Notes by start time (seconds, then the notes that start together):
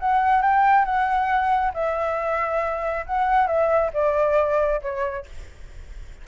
0.00 F#5
0.42 G5
0.85 F#5
1.74 E5
3.06 F#5
3.47 E5
3.94 D5
4.82 C#5